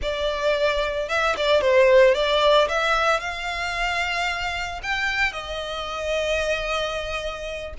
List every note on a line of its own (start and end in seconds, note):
0.02 1.09 D5
1.09 1.35 E5
1.36 1.61 D5
1.61 2.14 C5
2.14 2.68 D5
2.68 3.20 E5
3.20 4.80 F5
4.82 5.32 G5
5.32 7.73 D#5